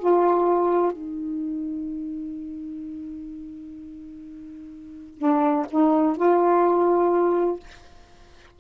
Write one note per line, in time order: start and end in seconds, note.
0.00 0.93 F4
0.93 5.19 D#4
5.19 5.66 D4
5.71 6.17 D#4
6.17 7.60 F4